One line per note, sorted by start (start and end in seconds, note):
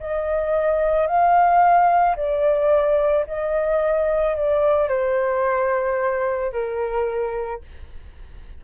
0.00 1.07 D#5
1.07 2.16 F5
2.17 3.26 D5
3.27 4.35 D#5
4.35 4.89 D5
4.89 6.53 C5
6.53 7.62 A#4